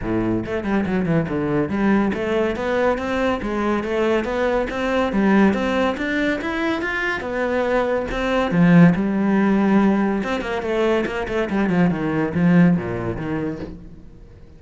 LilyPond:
\new Staff \with { instrumentName = "cello" } { \time 4/4 \tempo 4 = 141 a,4 a8 g8 fis8 e8 d4 | g4 a4 b4 c'4 | gis4 a4 b4 c'4 | g4 c'4 d'4 e'4 |
f'4 b2 c'4 | f4 g2. | c'8 ais8 a4 ais8 a8 g8 f8 | dis4 f4 ais,4 dis4 | }